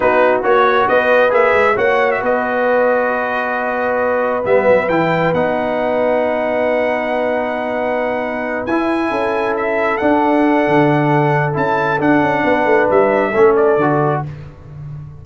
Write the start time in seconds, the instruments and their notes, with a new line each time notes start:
0.00 tuba B3, trombone D#4, horn F#4, trumpet B4
0.42 tuba A#3, trombone F#4, trumpet C#5
0.87 tuba B3, horn B4, trumpet D#5
1.30 tuba A#3, trombone G#4, trumpet E5
1.53 tuba G#3
1.75 tuba A#3, trombone F#4, horn C#5, trumpet F#5
2.11 trumpet E5
2.21 tuba B3, horn B4, trumpet D#5
4.44 tuba G3, trombone B3, trumpet E5
4.67 tuba F#3
4.88 tuba E3, trombone E4, trumpet G5
5.33 tuba B3, trombone D#4, trumpet F#5
8.66 tuba E4, trombone E4, trumpet G#5
9.09 tuba C#4, horn A4
9.56 trumpet E5
9.97 trombone D4, tuba D4, trumpet F#5
10.67 tuba D3
11.53 tuba C#4, trombone E4, trumpet A5
11.99 trombone D4, tuba D4, trumpet F#5
12.21 tuba C#4
12.44 tuba B3, horn B4
12.65 tuba A3
12.90 tuba G3, trumpet E5
13.30 tuba A3, trombone C#4, horn A4
13.55 trumpet D5
13.76 tuba D3, trombone F#4